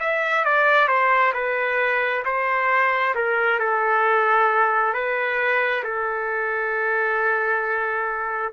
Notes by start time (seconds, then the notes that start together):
0.00 E5
0.45 D5
0.88 C5
1.34 B4
2.25 C5
3.15 A#4
3.59 A4
4.94 B4
5.84 A4